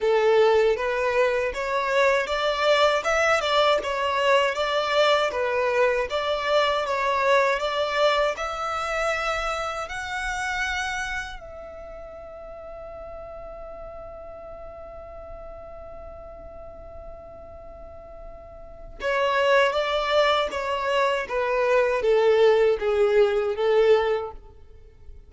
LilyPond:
\new Staff \with { instrumentName = "violin" } { \time 4/4 \tempo 4 = 79 a'4 b'4 cis''4 d''4 | e''8 d''8 cis''4 d''4 b'4 | d''4 cis''4 d''4 e''4~ | e''4 fis''2 e''4~ |
e''1~ | e''1~ | e''4 cis''4 d''4 cis''4 | b'4 a'4 gis'4 a'4 | }